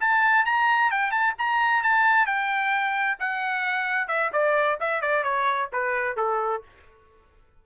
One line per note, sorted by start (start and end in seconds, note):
0.00 0.45 A5
0.45 0.91 A#5
0.91 1.11 G5
1.11 1.34 A5
1.38 1.83 A#5
1.83 2.26 A5
2.26 3.18 G5
3.19 4.07 F#5
4.07 4.30 E5
4.33 4.78 D5
4.80 5.01 E5
5.01 5.23 D5
5.23 5.69 C#5
5.73 6.17 B4
6.17 6.62 A4